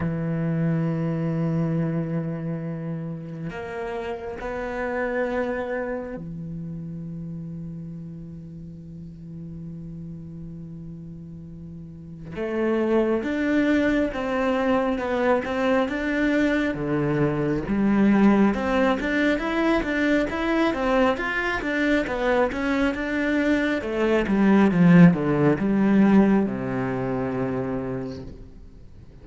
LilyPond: \new Staff \with { instrumentName = "cello" } { \time 4/4 \tempo 4 = 68 e1 | ais4 b2 e4~ | e1~ | e2 a4 d'4 |
c'4 b8 c'8 d'4 d4 | g4 c'8 d'8 e'8 d'8 e'8 c'8 | f'8 d'8 b8 cis'8 d'4 a8 g8 | f8 d8 g4 c2 | }